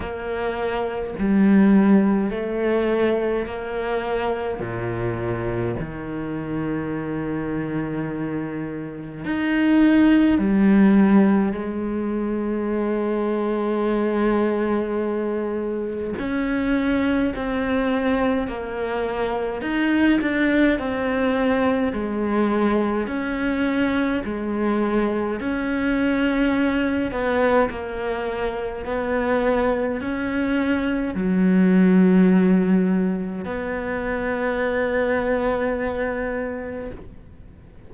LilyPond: \new Staff \with { instrumentName = "cello" } { \time 4/4 \tempo 4 = 52 ais4 g4 a4 ais4 | ais,4 dis2. | dis'4 g4 gis2~ | gis2 cis'4 c'4 |
ais4 dis'8 d'8 c'4 gis4 | cis'4 gis4 cis'4. b8 | ais4 b4 cis'4 fis4~ | fis4 b2. | }